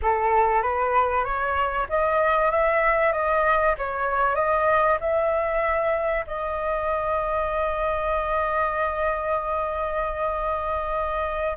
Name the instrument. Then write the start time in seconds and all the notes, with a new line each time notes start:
flute
0.02 A4
0.62 B4
1.24 C#5
1.89 D#5
2.51 E5
3.12 D#5
3.78 C#5
4.35 D#5
5.00 E5
6.27 D#5